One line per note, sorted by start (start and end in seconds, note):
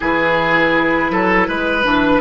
0.00 1.10 E3
0.00 1.83 E4
0.00 1.11 G#4
0.00 2.21 B4
1.10 1.47 F#3
1.10 1.48 A4
1.48 1.84 G#3
1.48 2.21 B4
1.83 2.21 E3
1.83 2.21 D4